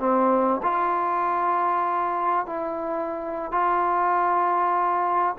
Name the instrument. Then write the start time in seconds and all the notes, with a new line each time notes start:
trombone
0.00 C4
0.63 F4
2.47 E4
3.52 F4